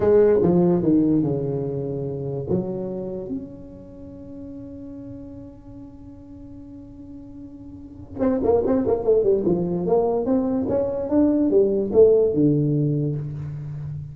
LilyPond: \new Staff \with { instrumentName = "tuba" } { \time 4/4 \tempo 4 = 146 gis4 f4 dis4 cis4~ | cis2 fis2 | cis'1~ | cis'1~ |
cis'1 | c'8 ais8 c'8 ais8 a8 g8 f4 | ais4 c'4 cis'4 d'4 | g4 a4 d2 | }